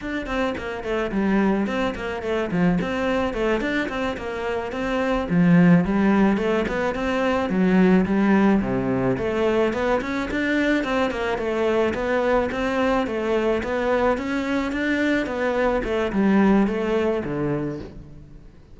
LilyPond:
\new Staff \with { instrumentName = "cello" } { \time 4/4 \tempo 4 = 108 d'8 c'8 ais8 a8 g4 c'8 ais8 | a8 f8 c'4 a8 d'8 c'8 ais8~ | ais8 c'4 f4 g4 a8 | b8 c'4 fis4 g4 c8~ |
c8 a4 b8 cis'8 d'4 c'8 | ais8 a4 b4 c'4 a8~ | a8 b4 cis'4 d'4 b8~ | b8 a8 g4 a4 d4 | }